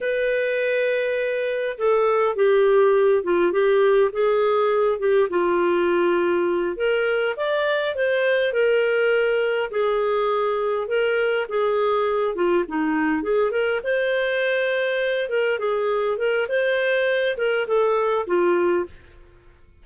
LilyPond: \new Staff \with { instrumentName = "clarinet" } { \time 4/4 \tempo 4 = 102 b'2. a'4 | g'4. f'8 g'4 gis'4~ | gis'8 g'8 f'2~ f'8 ais'8~ | ais'8 d''4 c''4 ais'4.~ |
ais'8 gis'2 ais'4 gis'8~ | gis'4 f'8 dis'4 gis'8 ais'8 c''8~ | c''2 ais'8 gis'4 ais'8 | c''4. ais'8 a'4 f'4 | }